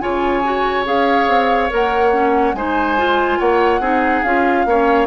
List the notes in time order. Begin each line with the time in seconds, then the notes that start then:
0.00 C#3 F4 C#5 G#5
0.44 F#4
0.85 C#4 G#4 F5
1.28 C4
1.70 A#3 A#4 F#5
2.13 C#4
2.54 G#3 D#4 C5 G#5
2.98 F4
3.39 A#3 C#5 F#5
3.80 C4 D#4 G#4
4.23 C#4 F4 F5
4.66 A#3 C#4 C#5